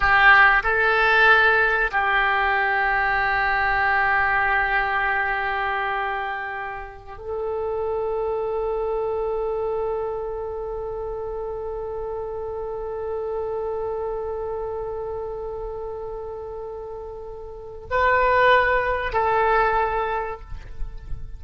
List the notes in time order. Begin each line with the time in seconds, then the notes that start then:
0.00 G4
0.63 A4
1.91 G4
7.18 A4
17.90 B4
19.12 A4